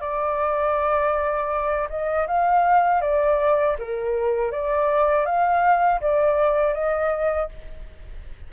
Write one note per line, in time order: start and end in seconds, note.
0.00 1.88 D5
1.89 2.27 D#5
2.27 3.01 F5
3.01 3.76 D5
3.79 4.51 A#4
4.51 5.25 D5
5.25 6.00 F5
6.00 6.73 D5
6.73 7.48 D#5